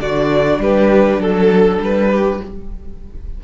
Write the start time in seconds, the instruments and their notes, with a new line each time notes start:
0.00 cello D3, viola D4, violin F#4 D5
0.59 cello G3, violin G4 B4
1.18 cello F#3, violin A4
1.80 cello G3, violin B4
2.10 violin G4